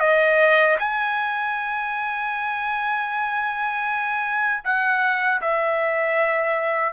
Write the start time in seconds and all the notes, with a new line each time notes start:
0.00 D#5
0.79 G#5
4.65 F#5
5.42 E5